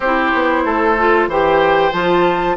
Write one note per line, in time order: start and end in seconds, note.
0.00 0.32 C4
0.00 0.98 E4
0.00 0.62 G4
0.00 1.29 C5
0.34 0.65 B3
0.65 1.27 A3
0.65 1.29 A4
0.98 1.30 F4
1.27 1.91 E3
1.27 1.92 G4
1.27 2.56 C5
1.27 1.92 G5
1.92 2.56 F3
1.92 2.56 F4
1.92 2.56 A5